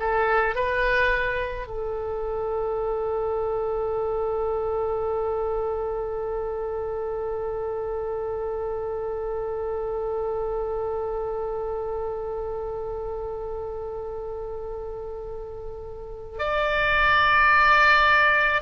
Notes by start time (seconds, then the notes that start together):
0.00 A4
0.56 B4
1.68 A4
16.39 D5